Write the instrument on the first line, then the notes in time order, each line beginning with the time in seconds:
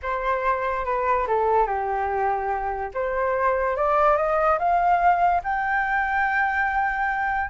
flute
0.02 C5
0.85 B4
1.27 A4
1.66 G4
2.93 C5
3.76 D5
4.16 D#5
4.58 F5
5.43 G5